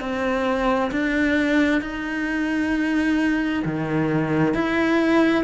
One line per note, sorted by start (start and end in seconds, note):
0.00 0.91 C4
0.91 1.81 D4
1.81 3.63 D#4
3.65 4.54 D#3
4.54 5.44 E4